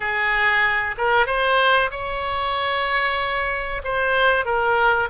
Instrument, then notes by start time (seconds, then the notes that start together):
oboe
0.00 G#4
0.97 A#4
1.26 C5
1.90 C#5
3.84 C5
4.45 A#4